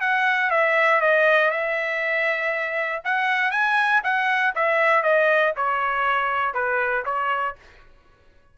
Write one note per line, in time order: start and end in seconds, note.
0.00 0.50 F#5
0.50 1.00 E5
1.00 1.51 D#5
1.51 3.02 E5
3.04 3.51 F#5
3.51 4.01 G#5
4.03 4.54 F#5
4.55 5.02 E5
5.02 5.53 D#5
5.56 6.54 C#5
6.54 7.04 B4
7.05 7.56 C#5